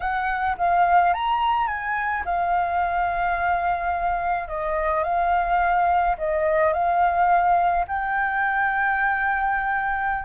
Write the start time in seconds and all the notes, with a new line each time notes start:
0.00 F#5
0.57 F5
1.13 A#5
1.67 G#5
2.25 F5
4.47 D#5
5.03 F5
6.18 D#5
6.73 F5
7.87 G5